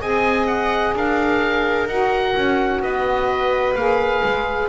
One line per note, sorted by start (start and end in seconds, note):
0.00 0.93 C4
0.00 1.88 G#4
0.00 0.95 D#5
0.00 0.46 G#5
0.46 0.93 F#5
0.93 1.87 D4
0.93 2.83 A#4
0.93 1.88 F5
1.87 2.34 D#4
1.87 3.76 F#4
1.87 2.81 F#5
2.35 2.80 C#4
2.80 3.74 B3
2.80 4.68 B4
2.80 3.75 D#5
3.75 4.22 A#3
3.75 4.68 G#4
3.75 4.68 F5
4.23 4.68 G#3